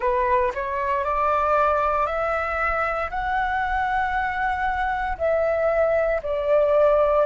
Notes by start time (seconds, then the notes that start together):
0.00 B4
0.54 C#5
1.04 D5
2.06 E5
3.10 F#5
5.17 E5
6.23 D5